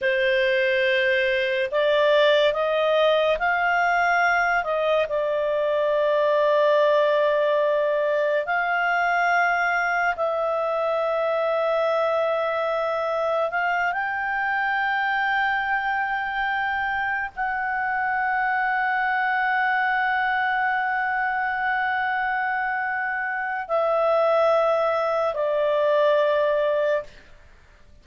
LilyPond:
\new Staff \with { instrumentName = "clarinet" } { \time 4/4 \tempo 4 = 71 c''2 d''4 dis''4 | f''4. dis''8 d''2~ | d''2 f''2 | e''1 |
f''8 g''2.~ g''8~ | g''8 fis''2.~ fis''8~ | fis''1 | e''2 d''2 | }